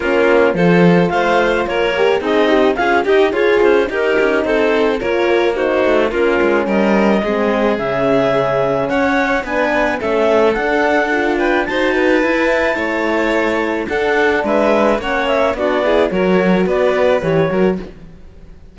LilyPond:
<<
  \new Staff \with { instrumentName = "clarinet" } { \time 4/4 \tempo 4 = 108 ais'4 c''4 f''4 cis''4 | dis''4 f''8 dis''8 cis''8 c''8 ais'4 | c''4 cis''4 c''4 ais'4 | dis''2 e''2 |
fis''4 gis''4 e''4 fis''4~ | fis''8 g''8 a''2.~ | a''4 fis''4 e''4 fis''8 e''8 | d''4 cis''4 d''4 cis''4 | }
  \new Staff \with { instrumentName = "violin" } { \time 4/4 f'4 a'4 c''4 ais'4 | dis'4 gis'8 g'8 f'4 g'4 | a'4 ais'4 fis'4 f'4 | ais'4 gis'2. |
cis''4 b'4 a'2~ | a'8 b'8 c''8 b'4. cis''4~ | cis''4 a'4 b'4 cis''4 | fis'8 gis'8 ais'4 b'4. ais'8 | }
  \new Staff \with { instrumentName = "horn" } { \time 4/4 cis'4 f'2~ f'8 g'8 | gis'8 g'8 f'8 g'8 gis'4 dis'4~ | dis'4 f'4 dis'4 cis'4~ | cis'4 c'4 cis'2~ |
cis'4 d'4 cis'4 d'4 | f'4 fis'4 e'2~ | e'4 d'2 cis'4 | d'8 e'8 fis'2 g'8 fis'8 | }
  \new Staff \with { instrumentName = "cello" } { \time 4/4 ais4 f4 a4 ais4 | c'4 cis'8 dis'8 f'8 cis'8 dis'8 cis'8 | c'4 ais4. a8 ais8 gis8 | g4 gis4 cis2 |
cis'4 b4 a4 d'4~ | d'4 dis'4 e'4 a4~ | a4 d'4 gis4 ais4 | b4 fis4 b4 e8 fis8 | }
>>